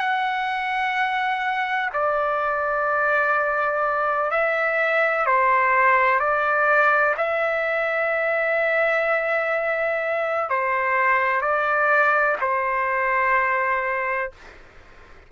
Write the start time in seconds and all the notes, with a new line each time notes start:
0.00 F#5
1.94 D5
4.31 E5
5.26 C5
6.20 D5
7.17 E5
10.50 C5
11.42 D5
12.41 C5